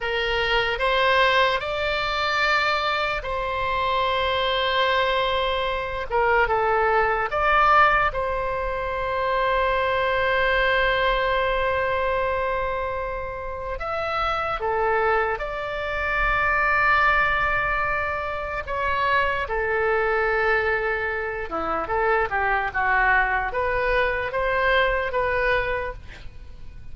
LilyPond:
\new Staff \with { instrumentName = "oboe" } { \time 4/4 \tempo 4 = 74 ais'4 c''4 d''2 | c''2.~ c''8 ais'8 | a'4 d''4 c''2~ | c''1~ |
c''4 e''4 a'4 d''4~ | d''2. cis''4 | a'2~ a'8 e'8 a'8 g'8 | fis'4 b'4 c''4 b'4 | }